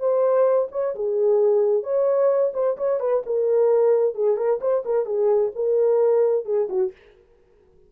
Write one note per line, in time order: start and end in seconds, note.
0.00 0.69 C5
0.72 0.95 C#5
0.96 1.84 G#4
1.84 2.53 C#5
2.54 2.77 C5
2.78 3.00 C#5
3.00 3.23 B4
3.27 4.15 A#4
4.15 4.37 G#4
4.37 4.60 A#4
4.61 4.84 C5
4.86 5.06 A#4
5.06 5.52 G#4
5.56 6.46 A#4
6.46 6.69 G#4
6.70 6.93 F#4